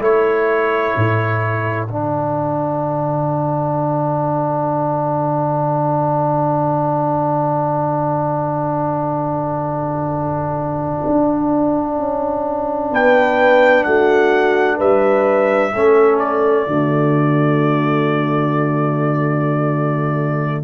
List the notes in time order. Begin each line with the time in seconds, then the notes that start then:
0.00 A3 E4 A4 C#5
0.96 A2
1.88 D3 D4 F#5
11.06 D4
11.99 C#4
12.92 B3 B4 G5
13.84 A3 F#4 F#5
14.77 G3 B4 E5
15.73 A3 C#4 A4
16.19 D5
16.67 D3 A3 F#4